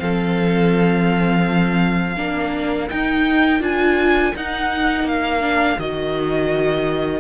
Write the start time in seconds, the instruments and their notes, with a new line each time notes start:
0.00 cello F3, viola C4, violin A4 F5
2.17 cello A#3, viola D4, violin A#4
2.90 viola D#4, cello D#4, violin G5
3.61 cello D4, viola F4, violin G#5
4.36 cello D#4, viola D#4, violin F#5
5.04 cello A#3, violin F5
5.42 viola D4
5.79 cello D#3, viola F#4, violin D#5